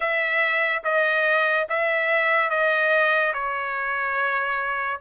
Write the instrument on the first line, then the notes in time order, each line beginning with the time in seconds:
trumpet
0.00 E5
0.83 D#5
1.69 E5
2.50 D#5
3.33 C#5